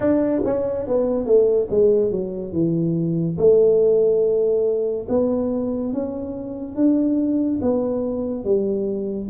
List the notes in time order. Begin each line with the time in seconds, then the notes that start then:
0.00 D4
0.45 C#4
0.87 B3
1.26 A3
1.70 G#3
2.11 F#3
2.52 E3
3.38 A3
5.09 B3
5.93 C#4
6.75 D4
7.61 B3
8.44 G3